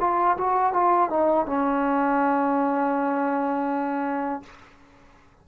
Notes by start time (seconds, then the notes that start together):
0.00 F4
0.38 F#4
0.73 F4
1.10 D#4
1.47 C#4